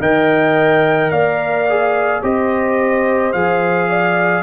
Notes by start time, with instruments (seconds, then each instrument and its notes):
0.00 tuba D#3, trombone A#4, horn D#5, trumpet G5
1.10 tuba A#3, horn D5, trumpet F5
1.69 trombone G#4
2.22 tuba C4, trombone G4, horn C5, trumpet D#5
3.32 tuba F3, trombone G#4, trumpet F5
3.89 horn D5